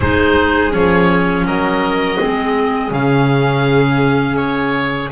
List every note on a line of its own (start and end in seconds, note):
0.00 0.73 G#3
0.00 0.71 D#4
0.00 1.46 G#4
0.00 0.73 C5
0.71 1.44 F3
0.71 2.17 C#4
0.71 1.46 C#5
1.44 2.17 F#3
1.44 2.19 A#4
1.44 2.92 D#5
2.18 2.91 G#3
2.18 2.91 C4
2.18 5.11 G#4
2.91 5.10 C#3
2.91 5.11 C#4
2.91 4.36 F5
4.36 5.09 C#5